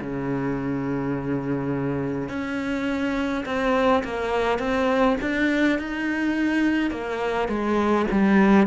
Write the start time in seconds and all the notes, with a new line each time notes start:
0.00 C#3
2.29 C#4
3.45 C4
4.04 A#3
4.58 C4
5.21 D4
5.78 D#4
6.91 A#3
7.48 G#3
8.11 G3